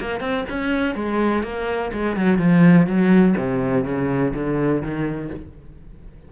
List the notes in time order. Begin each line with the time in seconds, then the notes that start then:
0.00 A#3
0.20 C4
0.49 C#4
0.95 G#3
1.43 A#3
1.92 G#3
2.16 F#3
2.38 F3
2.86 F#3
3.37 C3
3.84 C#3
4.34 D3
4.82 D#3